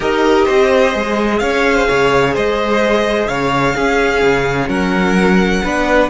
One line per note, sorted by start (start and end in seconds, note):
0.00 0.46 D#4
0.00 0.93 G4
0.00 0.45 A#4
0.00 1.39 D#5
0.45 0.94 C4
0.45 1.38 C5
0.93 1.40 G#3
0.93 3.74 G#4
1.39 1.87 C#4
1.39 1.75 C#5
1.39 2.33 F5
1.75 1.87 C5
1.87 2.36 C#3
1.87 2.34 C#5
2.34 3.27 G#3
2.34 3.27 C5
2.34 3.27 D#5
3.27 3.74 C#3
3.27 3.75 C#5
3.27 4.68 F5
3.75 4.22 C#4
3.75 5.64 C#4
3.75 4.68 G#4
4.22 4.68 C#3
4.68 5.62 F#3
4.68 5.62 A#4
4.68 6.09 F#5
5.63 6.09 B3
5.63 6.09 D4
5.63 6.09 B4